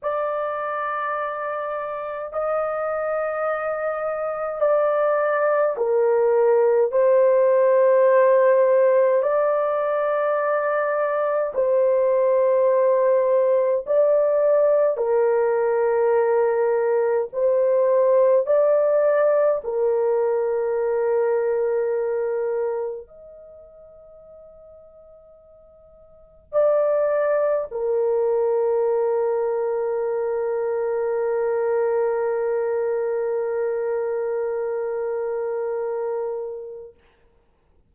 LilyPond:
\new Staff \with { instrumentName = "horn" } { \time 4/4 \tempo 4 = 52 d''2 dis''2 | d''4 ais'4 c''2 | d''2 c''2 | d''4 ais'2 c''4 |
d''4 ais'2. | dis''2. d''4 | ais'1~ | ais'1 | }